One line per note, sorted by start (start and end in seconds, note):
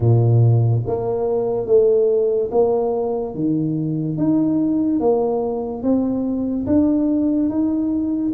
0.00 0.83 A#2
0.86 1.66 A#3
1.66 2.50 A3
2.51 3.34 A#3
3.34 4.17 D#3
4.17 5.00 D#4
5.00 5.83 A#3
5.83 6.66 C4
6.66 7.49 D4
7.49 8.32 D#4